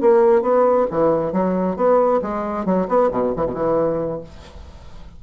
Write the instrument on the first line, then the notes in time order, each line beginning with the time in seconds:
bassoon
0.00 A#3
0.41 B3
0.90 E3
1.32 F#3
1.76 B3
2.21 G#3
2.65 F#3
2.88 B3
3.11 B2
3.36 E3
3.46 B2
3.54 E3